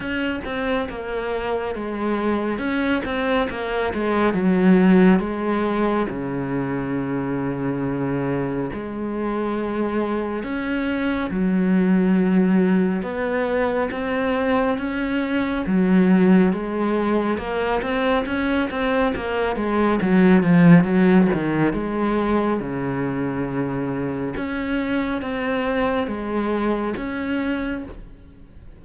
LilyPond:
\new Staff \with { instrumentName = "cello" } { \time 4/4 \tempo 4 = 69 cis'8 c'8 ais4 gis4 cis'8 c'8 | ais8 gis8 fis4 gis4 cis4~ | cis2 gis2 | cis'4 fis2 b4 |
c'4 cis'4 fis4 gis4 | ais8 c'8 cis'8 c'8 ais8 gis8 fis8 f8 | fis8 dis8 gis4 cis2 | cis'4 c'4 gis4 cis'4 | }